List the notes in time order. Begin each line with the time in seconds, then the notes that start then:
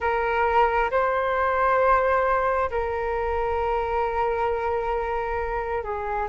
0.00 A#4
0.90 C5
2.70 A#4
5.83 G#4